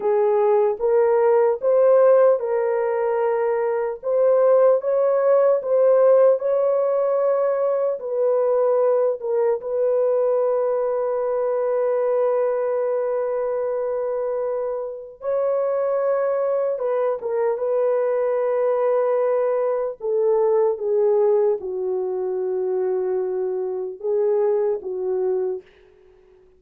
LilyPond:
\new Staff \with { instrumentName = "horn" } { \time 4/4 \tempo 4 = 75 gis'4 ais'4 c''4 ais'4~ | ais'4 c''4 cis''4 c''4 | cis''2 b'4. ais'8 | b'1~ |
b'2. cis''4~ | cis''4 b'8 ais'8 b'2~ | b'4 a'4 gis'4 fis'4~ | fis'2 gis'4 fis'4 | }